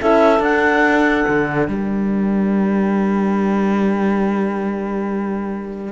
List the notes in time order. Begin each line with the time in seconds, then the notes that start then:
0.00 C#4 E4 A4 E5
0.39 D4 F#5
1.28 D3
1.68 G3 A#4 G5